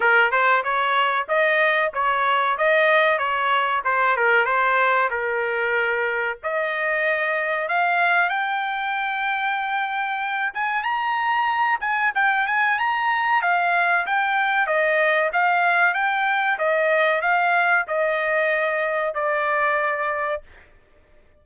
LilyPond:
\new Staff \with { instrumentName = "trumpet" } { \time 4/4 \tempo 4 = 94 ais'8 c''8 cis''4 dis''4 cis''4 | dis''4 cis''4 c''8 ais'8 c''4 | ais'2 dis''2 | f''4 g''2.~ |
g''8 gis''8 ais''4. gis''8 g''8 gis''8 | ais''4 f''4 g''4 dis''4 | f''4 g''4 dis''4 f''4 | dis''2 d''2 | }